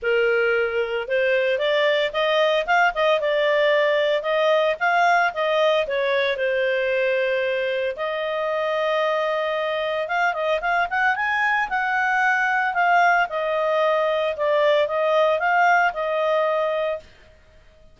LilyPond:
\new Staff \with { instrumentName = "clarinet" } { \time 4/4 \tempo 4 = 113 ais'2 c''4 d''4 | dis''4 f''8 dis''8 d''2 | dis''4 f''4 dis''4 cis''4 | c''2. dis''4~ |
dis''2. f''8 dis''8 | f''8 fis''8 gis''4 fis''2 | f''4 dis''2 d''4 | dis''4 f''4 dis''2 | }